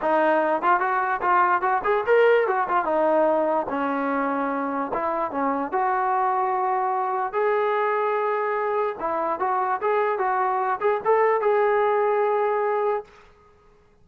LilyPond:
\new Staff \with { instrumentName = "trombone" } { \time 4/4 \tempo 4 = 147 dis'4. f'8 fis'4 f'4 | fis'8 gis'8 ais'4 fis'8 f'8 dis'4~ | dis'4 cis'2. | e'4 cis'4 fis'2~ |
fis'2 gis'2~ | gis'2 e'4 fis'4 | gis'4 fis'4. gis'8 a'4 | gis'1 | }